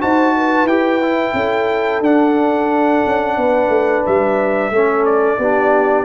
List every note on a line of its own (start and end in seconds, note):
0.00 0.64 D#4
0.00 0.67 F#4
0.00 0.35 C5
0.00 0.67 A5
0.36 1.36 B4
0.64 1.32 E4
0.64 1.02 G4
0.64 2.02 G5
1.02 2.03 E4
1.34 2.00 C#4
1.34 3.38 A4
2.00 3.02 D4
2.00 4.72 D4
2.00 4.06 F#5
3.06 3.37 C#4
3.37 3.69 B3
3.37 4.73 B4
3.69 4.03 A3
4.06 4.70 G3
4.06 5.05 E5
4.70 5.37 A3
4.70 5.40 C#4
4.70 5.39 A4
5.05 6.05 D5
5.38 6.05 B3
5.38 6.05 D4
5.38 6.05 G4